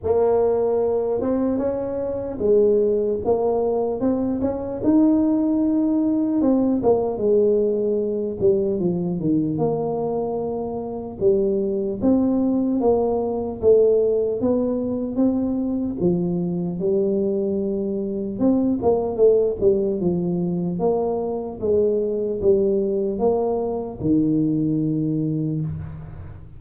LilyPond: \new Staff \with { instrumentName = "tuba" } { \time 4/4 \tempo 4 = 75 ais4. c'8 cis'4 gis4 | ais4 c'8 cis'8 dis'2 | c'8 ais8 gis4. g8 f8 dis8 | ais2 g4 c'4 |
ais4 a4 b4 c'4 | f4 g2 c'8 ais8 | a8 g8 f4 ais4 gis4 | g4 ais4 dis2 | }